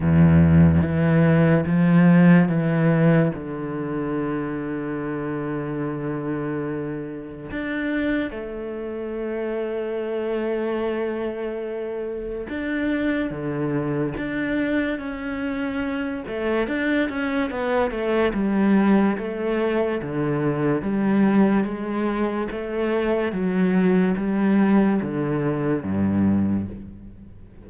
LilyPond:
\new Staff \with { instrumentName = "cello" } { \time 4/4 \tempo 4 = 72 e,4 e4 f4 e4 | d1~ | d4 d'4 a2~ | a2. d'4 |
d4 d'4 cis'4. a8 | d'8 cis'8 b8 a8 g4 a4 | d4 g4 gis4 a4 | fis4 g4 d4 g,4 | }